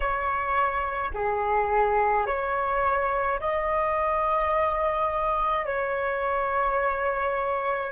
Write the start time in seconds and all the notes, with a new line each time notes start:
0.00 C#5
1.13 G#4
2.26 C#5
3.40 D#5
5.66 C#5